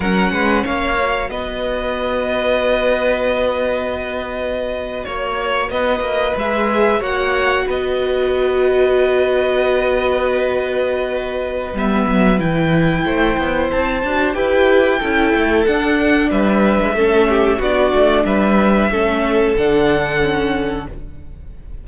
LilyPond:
<<
  \new Staff \with { instrumentName = "violin" } { \time 4/4 \tempo 4 = 92 fis''4 f''4 dis''2~ | dis''2.~ dis''8. cis''16~ | cis''8. dis''4 e''4 fis''4 dis''16~ | dis''1~ |
dis''2 e''4 g''4~ | g''4 a''4 g''2 | fis''4 e''2 d''4 | e''2 fis''2 | }
  \new Staff \with { instrumentName = "violin" } { \time 4/4 ais'8 b'8 cis''4 b'2~ | b'2.~ b'8. cis''16~ | cis''8. b'2 cis''4 b'16~ | b'1~ |
b'1 | c''2 b'4 a'4~ | a'4 b'4 a'8 g'8 fis'4 | b'4 a'2. | }
  \new Staff \with { instrumentName = "viola" } { \time 4/4 cis'4. fis'2~ fis'8~ | fis'1~ | fis'4.~ fis'16 gis'4 fis'4~ fis'16~ | fis'1~ |
fis'2 b4 e'4~ | e'4. fis'8 g'4 e'4 | d'2 cis'4 d'4~ | d'4 cis'4 d'4 cis'4 | }
  \new Staff \with { instrumentName = "cello" } { \time 4/4 fis8 gis8 ais4 b2~ | b2.~ b8. ais16~ | ais8. b8 ais8 gis4 ais4 b16~ | b1~ |
b2 g8 fis8 e4 | a8 b8 c'8 d'8 e'4 cis'8 a8 | d'4 g8. gis16 a4 b8 a8 | g4 a4 d2 | }
>>